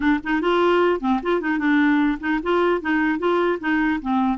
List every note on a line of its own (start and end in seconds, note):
0.00 0.20 D4
0.23 0.41 D#4
0.41 1.00 F4
1.00 1.20 C4
1.23 1.40 F4
1.40 1.58 D#4
1.58 2.18 D4
2.20 2.40 D#4
2.43 2.81 F4
2.81 3.19 D#4
3.19 3.59 F4
3.59 3.99 D#4
4.01 4.38 C4